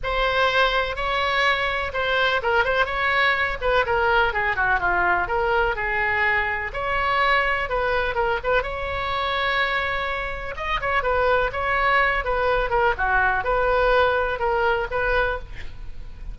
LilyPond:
\new Staff \with { instrumentName = "oboe" } { \time 4/4 \tempo 4 = 125 c''2 cis''2 | c''4 ais'8 c''8 cis''4. b'8 | ais'4 gis'8 fis'8 f'4 ais'4 | gis'2 cis''2 |
b'4 ais'8 b'8 cis''2~ | cis''2 dis''8 cis''8 b'4 | cis''4. b'4 ais'8 fis'4 | b'2 ais'4 b'4 | }